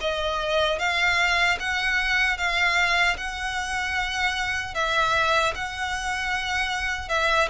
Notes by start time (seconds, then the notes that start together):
0.00 D#5
0.79 F5
1.60 F#5
2.37 F5
3.17 F#5
4.74 E5
5.54 F#5
7.08 E5